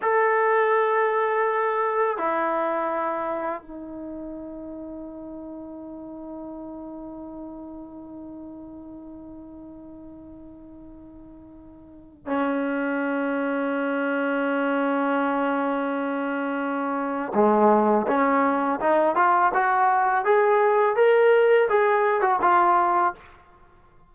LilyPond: \new Staff \with { instrumentName = "trombone" } { \time 4/4 \tempo 4 = 83 a'2. e'4~ | e'4 dis'2.~ | dis'1~ | dis'1~ |
dis'4 cis'2.~ | cis'1 | gis4 cis'4 dis'8 f'8 fis'4 | gis'4 ais'4 gis'8. fis'16 f'4 | }